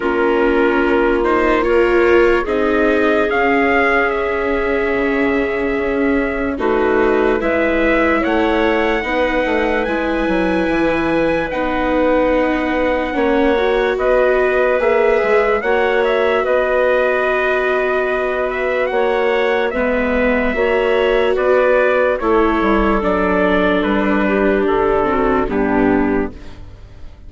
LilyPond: <<
  \new Staff \with { instrumentName = "trumpet" } { \time 4/4 \tempo 4 = 73 ais'4. c''8 cis''4 dis''4 | f''4 e''2. | b'4 e''4 fis''2 | gis''2 fis''2~ |
fis''4 dis''4 e''4 fis''8 e''8 | dis''2~ dis''8 e''8 fis''4 | e''2 d''4 cis''4 | d''4 b'4 a'4 g'4 | }
  \new Staff \with { instrumentName = "clarinet" } { \time 4/4 f'2 ais'4 gis'4~ | gis'1 | fis'4 b'4 cis''4 b'4~ | b'1 |
cis''4 b'2 cis''4 | b'2. cis''4 | b'4 cis''4 b'4 a'4~ | a'4. g'4 fis'8 d'4 | }
  \new Staff \with { instrumentName = "viola" } { \time 4/4 cis'4. dis'8 f'4 dis'4 | cis'1 | dis'4 e'2 dis'4 | e'2 dis'2 |
cis'8 fis'4. gis'4 fis'4~ | fis'1 | b4 fis'2 e'4 | d'2~ d'8 c'8 b4 | }
  \new Staff \with { instrumentName = "bassoon" } { \time 4/4 ais2. c'4 | cis'2 cis4 cis'4 | a4 gis4 a4 b8 a8 | gis8 fis8 e4 b2 |
ais4 b4 ais8 gis8 ais4 | b2. ais4 | gis4 ais4 b4 a8 g8 | fis4 g4 d4 g,4 | }
>>